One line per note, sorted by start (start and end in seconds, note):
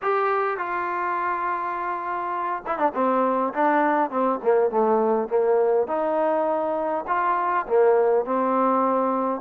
0.02 0.57 G4
0.57 2.63 F4
2.66 2.78 E4
2.78 2.92 D4
2.94 3.53 C4
3.53 4.10 D4
4.10 4.39 C4
4.43 4.70 A#3
4.70 5.28 A3
5.28 5.87 A#3
5.87 7.04 D#4
7.07 7.66 F4
7.67 8.25 A#3
8.25 9.41 C4